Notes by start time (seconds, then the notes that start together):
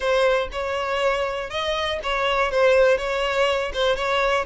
0.00 C5
0.52 C#5
1.50 D#5
2.03 C#5
2.51 C5
2.97 C#5
3.73 C5
3.95 C#5